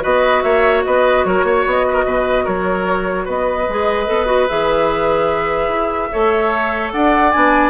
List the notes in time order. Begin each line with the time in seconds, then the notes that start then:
0.00 B3 F#4 B4 D#5
0.42 A#3 C#5 E5
0.84 B3 B4 D#5
1.24 F#3 A#4 C#5
1.43 A#3 C#5
1.66 B3 D#5
1.88 A#4 B4
2.05 B2 B4
2.44 F#3 A#4 C#5
3.25 B3 B4 D#5
3.68 G#3 G#4
4.06 B3 A4
4.26 F#4
4.48 E3 G#4 E5
5.68 E4
6.11 A3 A4 C#5
6.91 D4 D5 F#5
7.31 B3 D4 G#5